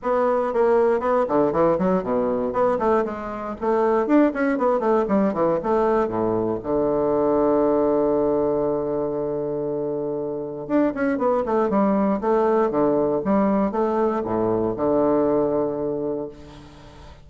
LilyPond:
\new Staff \with { instrumentName = "bassoon" } { \time 4/4 \tempo 4 = 118 b4 ais4 b8 d8 e8 fis8 | b,4 b8 a8 gis4 a4 | d'8 cis'8 b8 a8 g8 e8 a4 | a,4 d2.~ |
d1~ | d4 d'8 cis'8 b8 a8 g4 | a4 d4 g4 a4 | a,4 d2. | }